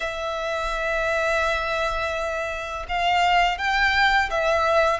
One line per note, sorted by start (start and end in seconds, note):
0.00 2.85 E5
2.88 3.57 F5
3.57 4.29 G5
4.30 5.00 E5